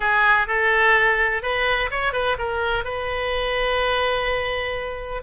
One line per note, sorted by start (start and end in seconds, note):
0.00 0.47 G#4
0.47 1.42 A4
1.42 1.90 B4
1.90 2.12 C#5
2.12 2.36 B4
2.38 2.84 A#4
2.84 5.22 B4